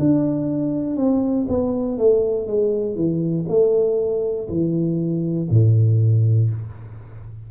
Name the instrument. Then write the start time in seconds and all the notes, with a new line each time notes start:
tuba
0.00 D4
0.96 C4
1.48 B3
1.98 A3
2.47 G#3
2.96 E3
3.48 A3
4.49 E3
5.50 A2